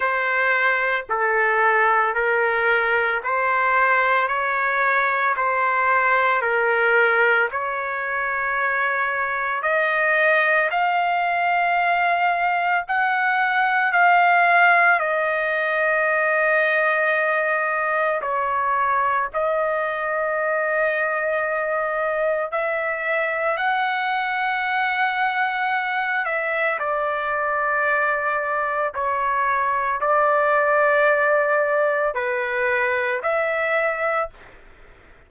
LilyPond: \new Staff \with { instrumentName = "trumpet" } { \time 4/4 \tempo 4 = 56 c''4 a'4 ais'4 c''4 | cis''4 c''4 ais'4 cis''4~ | cis''4 dis''4 f''2 | fis''4 f''4 dis''2~ |
dis''4 cis''4 dis''2~ | dis''4 e''4 fis''2~ | fis''8 e''8 d''2 cis''4 | d''2 b'4 e''4 | }